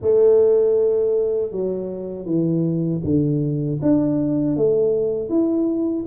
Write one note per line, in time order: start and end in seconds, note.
0.01 1.51 A3
1.51 2.25 F#3
2.25 3.01 E3
3.03 3.79 D3
3.82 4.56 D4
4.56 5.29 A3
5.29 6.05 E4